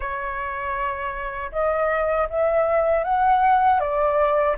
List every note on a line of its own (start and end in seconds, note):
0.00 1.51 C#5
1.52 2.28 D#5
2.29 3.04 E5
3.04 3.80 F#5
3.80 4.56 D5